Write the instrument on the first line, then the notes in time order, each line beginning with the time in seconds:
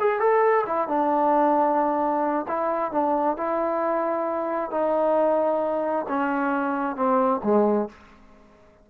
trombone
0.00 G#4
0.20 A4
0.67 E4
0.88 D4
2.48 E4
2.92 D4
3.37 E4
4.71 D#4
6.09 C#4
6.96 C4
7.44 G#3